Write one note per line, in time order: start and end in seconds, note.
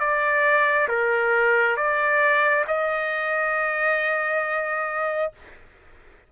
0.00 0.88 D5
0.89 1.77 A#4
1.77 2.65 D5
2.68 5.33 D#5